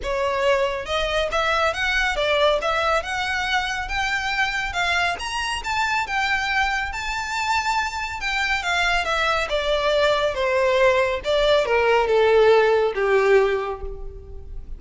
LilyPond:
\new Staff \with { instrumentName = "violin" } { \time 4/4 \tempo 4 = 139 cis''2 dis''4 e''4 | fis''4 d''4 e''4 fis''4~ | fis''4 g''2 f''4 | ais''4 a''4 g''2 |
a''2. g''4 | f''4 e''4 d''2 | c''2 d''4 ais'4 | a'2 g'2 | }